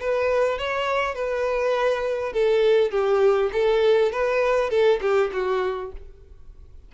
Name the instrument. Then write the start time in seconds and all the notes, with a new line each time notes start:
violin
0.00 B4
0.58 C#5
1.14 B4
2.32 A4
2.91 G4
3.52 A4
4.12 B4
4.70 A4
5.01 G4
5.32 F#4